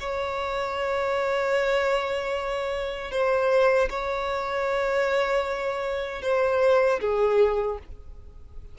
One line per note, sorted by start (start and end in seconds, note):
0.00 3.11 C#5
3.11 3.89 C5
3.89 6.22 C#5
6.22 7.00 C5
7.00 7.78 G#4